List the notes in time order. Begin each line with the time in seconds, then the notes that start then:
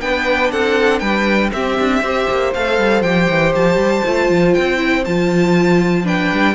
0.00 B3 D4 B4 G5
0.51 C4 A4 F#5
0.99 G3 B4 G5
1.52 C4 G4 E5
1.79 D4
2.01 C4 G4 C5
2.29 A#3
2.53 A3 A4 F5
2.78 G3
3.02 F3 G4 G5
3.29 E3
3.55 F3 A5
3.76 G3
4.05 A3 F4
4.29 F3
4.53 C4 G5
4.76 E4
5.04 F3 F4 A5
6.03 D4 B4 G5
6.31 G3